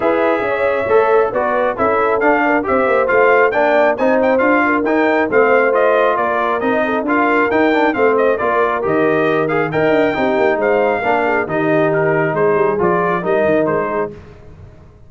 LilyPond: <<
  \new Staff \with { instrumentName = "trumpet" } { \time 4/4 \tempo 4 = 136 e''2. d''4 | e''4 f''4 e''4 f''4 | g''4 gis''8 g''8 f''4 g''4 | f''4 dis''4 d''4 dis''4 |
f''4 g''4 f''8 dis''8 d''4 | dis''4. f''8 g''2 | f''2 dis''4 ais'4 | c''4 d''4 dis''4 c''4 | }
  \new Staff \with { instrumentName = "horn" } { \time 4/4 b'4 cis''2 b'4 | a'4. ais'8 c''2 | d''4 c''4. ais'4. | c''2 ais'4. a'8 |
ais'2 c''4 ais'4~ | ais'2 dis''4 g'4 | c''4 ais'8 gis'8 g'2 | gis'2 ais'4. gis'8 | }
  \new Staff \with { instrumentName = "trombone" } { \time 4/4 gis'2 a'4 fis'4 | e'4 d'4 g'4 f'4 | d'4 dis'4 f'4 dis'4 | c'4 f'2 dis'4 |
f'4 dis'8 d'8 c'4 f'4 | g'4. gis'8 ais'4 dis'4~ | dis'4 d'4 dis'2~ | dis'4 f'4 dis'2 | }
  \new Staff \with { instrumentName = "tuba" } { \time 4/4 e'4 cis'4 a4 b4 | cis'4 d'4 c'8 ais8 a4 | ais4 c'4 d'4 dis'4 | a2 ais4 c'4 |
d'4 dis'4 a4 ais4 | dis2 dis'8 d'8 c'8 ais8 | gis4 ais4 dis2 | gis8 g8 f4 g8 dis8 gis4 | }
>>